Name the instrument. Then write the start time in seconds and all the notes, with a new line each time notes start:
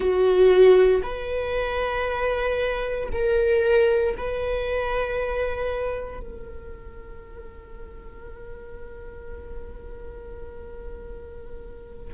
viola
0.00 F#4
1.03 B4
3.12 A#4
4.17 B4
6.20 A#4